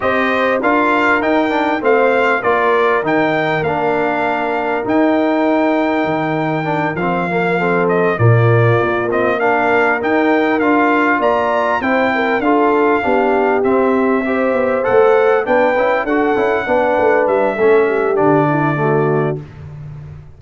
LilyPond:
<<
  \new Staff \with { instrumentName = "trumpet" } { \time 4/4 \tempo 4 = 99 dis''4 f''4 g''4 f''4 | d''4 g''4 f''2 | g''2.~ g''8 f''8~ | f''4 dis''8 d''4. dis''8 f''8~ |
f''8 g''4 f''4 ais''4 g''8~ | g''8 f''2 e''4.~ | e''8 fis''4 g''4 fis''4.~ | fis''8 e''4. d''2 | }
  \new Staff \with { instrumentName = "horn" } { \time 4/4 c''4 ais'2 c''4 | ais'1~ | ais'1~ | ais'8 a'4 f'2 ais'8~ |
ais'2~ ais'8 d''4 c''8 | ais'8 a'4 g'2 c''8~ | c''4. b'4 a'4 b'8~ | b'4 a'8 g'4 e'8 fis'4 | }
  \new Staff \with { instrumentName = "trombone" } { \time 4/4 g'4 f'4 dis'8 d'8 c'4 | f'4 dis'4 d'2 | dis'2. d'8 c'8 | ais8 c'4 ais4. c'8 d'8~ |
d'8 dis'4 f'2 e'8~ | e'8 f'4 d'4 c'4 g'8~ | g'8 a'4 d'8 e'8 fis'8 e'8 d'8~ | d'4 cis'4 d'4 a4 | }
  \new Staff \with { instrumentName = "tuba" } { \time 4/4 c'4 d'4 dis'4 a4 | ais4 dis4 ais2 | dis'2 dis4. f8~ | f4. ais,4 ais4.~ |
ais8 dis'4 d'4 ais4 c'8~ | c'8 d'4 b4 c'4. | b8 a4 b8 cis'8 d'8 cis'8 b8 | a8 g8 a4 d2 | }
>>